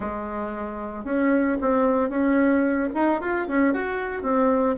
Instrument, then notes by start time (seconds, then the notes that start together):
bassoon
0.00 G#3
1.04 C#4
1.61 C4
2.09 C#4
2.94 D#4
3.21 F4
3.48 C#4
3.73 F#4
4.22 C4